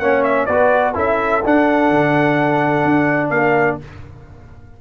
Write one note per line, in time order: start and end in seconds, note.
0.00 0.48 A#3
0.00 0.49 C#4
0.00 0.48 C#5
0.00 0.24 F#5
0.24 0.46 E5
0.46 0.96 B3
0.46 0.95 F#4
0.46 0.95 B4
0.46 0.93 D5
0.95 1.44 C#4
0.95 1.42 E4
0.95 3.31 A4
0.95 1.46 E5
1.45 1.91 D4
1.45 3.82 D4
1.45 3.30 F#5
1.91 2.85 D3
2.85 3.31 D4
3.30 3.78 A#3
3.30 3.80 A#4
3.30 3.78 F5